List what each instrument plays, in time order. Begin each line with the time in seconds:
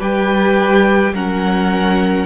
0.00 cello G3, viola G4, violin B4 G5
1.12 cello F#3, viola C#4, violin A#4 F#5